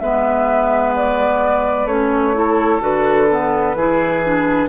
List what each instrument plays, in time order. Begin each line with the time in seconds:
0.00 bassoon G#3, clarinet B3, oboe B4, flute E5
0.96 flute D5
1.85 bassoon A3, clarinet C#4, flute C#5
2.34 clarinet E4, oboe A4
2.80 bassoon D3, clarinet F#4, flute B4
3.30 clarinet B3
3.75 bassoon E3, clarinet E4, oboe G#4
4.25 clarinet D4